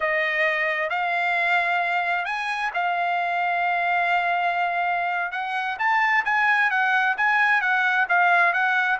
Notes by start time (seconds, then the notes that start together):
0.00 D#5
0.89 F5
2.25 G#5
2.74 F5
5.31 F#5
5.79 A5
6.24 G#5
6.70 F#5
7.17 G#5
7.61 F#5
8.08 F5
8.53 F#5